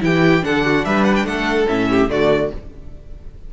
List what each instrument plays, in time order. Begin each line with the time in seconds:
0.00 cello E3, viola E4, violin G4 G5
0.42 cello D3, viola D4, violin A4 F#5
0.65 violin F#4
0.85 cello G3, violin B4 E5
1.04 violin F#5
1.16 violin G5
1.25 cello A3, violin A4 F#5
1.68 cello A2, viola C#4, violin E5
1.89 violin G4
2.09 cello D3, viola A3, violin F#4 D5